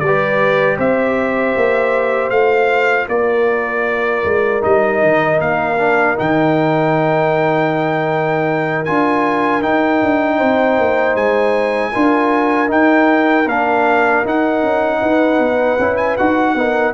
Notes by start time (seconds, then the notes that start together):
0.00 G3 B4 D5
0.07 G4
0.78 C4 C5 E5
1.56 A#3
2.30 A3 F4 F5
3.08 A#3 A#4 D5
4.24 G#3
4.61 G3 D#4 D#5
5.03 D#3
5.40 A#3 F5
5.78 D4
6.17 D#3 D#4 G5
8.85 D4 F4 G#5
9.62 D#4 G5
10.03 D4
10.37 C4 C5
10.79 A#3
11.15 G#3 G#5
11.93 D4 F4 A#4
12.67 D#4 G5
13.46 A#3 D4 F5
14.25 D#4 F#5
14.63 C#4
15.01 D#4 B4
15.39 B3
15.79 C#4 E4
15.97 G#5
16.17 D#4 F#4 F#5
16.55 B3 D#4 A#4